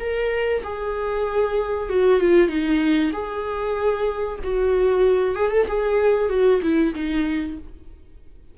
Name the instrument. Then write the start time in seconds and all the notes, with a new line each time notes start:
viola
0.00 A#4
0.64 G#4
1.89 F#4
2.21 F4
2.49 D#4
3.13 G#4
4.44 F#4
5.36 G#4
5.51 A4
5.68 G#4
6.30 F#4
6.62 E4
6.95 D#4